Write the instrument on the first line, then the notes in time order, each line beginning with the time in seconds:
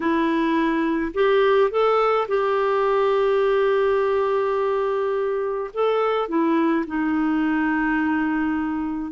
clarinet
0.00 E4
1.14 G4
1.70 A4
2.28 G4
5.73 A4
6.28 E4
6.86 D#4